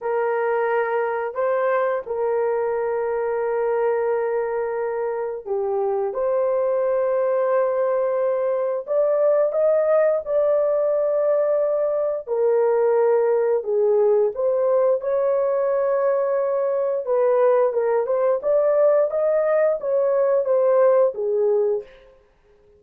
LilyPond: \new Staff \with { instrumentName = "horn" } { \time 4/4 \tempo 4 = 88 ais'2 c''4 ais'4~ | ais'1 | g'4 c''2.~ | c''4 d''4 dis''4 d''4~ |
d''2 ais'2 | gis'4 c''4 cis''2~ | cis''4 b'4 ais'8 c''8 d''4 | dis''4 cis''4 c''4 gis'4 | }